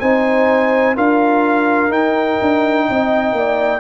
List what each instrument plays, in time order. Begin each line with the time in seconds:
0.00 tuba C4, trombone D#4, horn C5, trumpet G#5
0.95 tuba D4, trombone F4, horn A#4, trumpet F5
1.89 tuba D#4, trombone D#4, trumpet G5
2.41 tuba D4
2.89 tuba C4, horn D#5
3.32 tuba A#3, horn D5